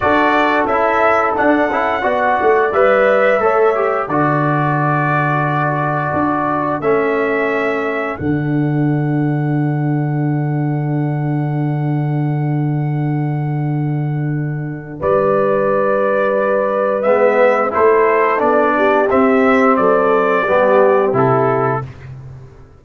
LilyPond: <<
  \new Staff \with { instrumentName = "trumpet" } { \time 4/4 \tempo 4 = 88 d''4 e''4 fis''2 | e''2 d''2~ | d''2 e''2 | fis''1~ |
fis''1~ | fis''2 d''2~ | d''4 e''4 c''4 d''4 | e''4 d''2 a'4 | }
  \new Staff \with { instrumentName = "horn" } { \time 4/4 a'2. d''4~ | d''4 cis''4 a'2~ | a'1~ | a'1~ |
a'1~ | a'2 b'2~ | b'2 a'4. g'8~ | g'4 a'4 g'2 | }
  \new Staff \with { instrumentName = "trombone" } { \time 4/4 fis'4 e'4 d'8 e'8 fis'4 | b'4 a'8 g'8 fis'2~ | fis'2 cis'2 | d'1~ |
d'1~ | d'1~ | d'4 b4 e'4 d'4 | c'2 b4 e'4 | }
  \new Staff \with { instrumentName = "tuba" } { \time 4/4 d'4 cis'4 d'8 cis'8 b8 a8 | g4 a4 d2~ | d4 d'4 a2 | d1~ |
d1~ | d2 g2~ | g4 gis4 a4 b4 | c'4 fis4 g4 c4 | }
>>